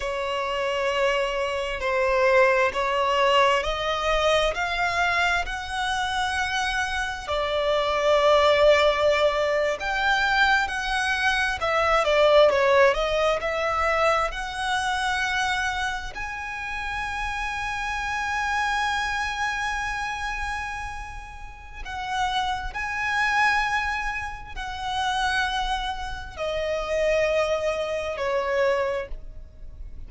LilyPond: \new Staff \with { instrumentName = "violin" } { \time 4/4 \tempo 4 = 66 cis''2 c''4 cis''4 | dis''4 f''4 fis''2 | d''2~ d''8. g''4 fis''16~ | fis''8. e''8 d''8 cis''8 dis''8 e''4 fis''16~ |
fis''4.~ fis''16 gis''2~ gis''16~ | gis''1 | fis''4 gis''2 fis''4~ | fis''4 dis''2 cis''4 | }